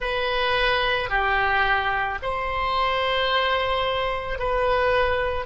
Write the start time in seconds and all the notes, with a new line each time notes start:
0.00 B4
1.09 G4
2.22 C5
4.38 B4